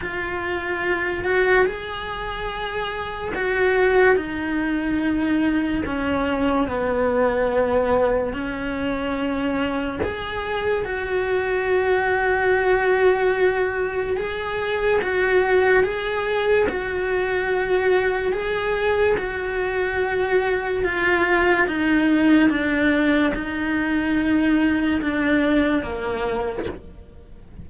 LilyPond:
\new Staff \with { instrumentName = "cello" } { \time 4/4 \tempo 4 = 72 f'4. fis'8 gis'2 | fis'4 dis'2 cis'4 | b2 cis'2 | gis'4 fis'2.~ |
fis'4 gis'4 fis'4 gis'4 | fis'2 gis'4 fis'4~ | fis'4 f'4 dis'4 d'4 | dis'2 d'4 ais4 | }